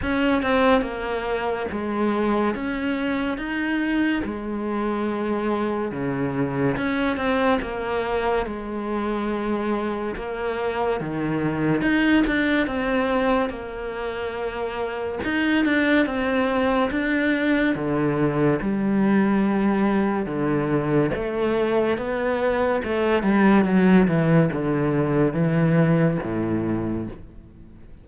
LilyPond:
\new Staff \with { instrumentName = "cello" } { \time 4/4 \tempo 4 = 71 cis'8 c'8 ais4 gis4 cis'4 | dis'4 gis2 cis4 | cis'8 c'8 ais4 gis2 | ais4 dis4 dis'8 d'8 c'4 |
ais2 dis'8 d'8 c'4 | d'4 d4 g2 | d4 a4 b4 a8 g8 | fis8 e8 d4 e4 a,4 | }